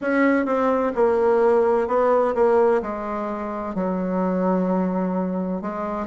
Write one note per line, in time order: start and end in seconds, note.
0.01 0.45 C#4
0.45 0.92 C4
0.95 1.87 A#3
1.87 2.34 B3
2.34 2.81 A#3
2.81 3.75 G#3
3.75 5.61 F#3
5.61 6.06 G#3